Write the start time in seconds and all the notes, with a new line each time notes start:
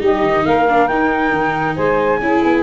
0.00 G3 D#4 G4 D#5
0.22 D#3
0.45 A#3 A#4 F5
0.69 D4
0.87 D#4 G5
1.31 D#3
1.75 G#3 C5 G#5
2.20 C#4 E4 G#4
2.44 B3